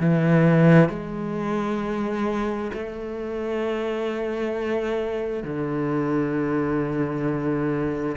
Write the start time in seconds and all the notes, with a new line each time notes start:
0.00 E3
0.90 G#3
2.74 A3
5.44 D3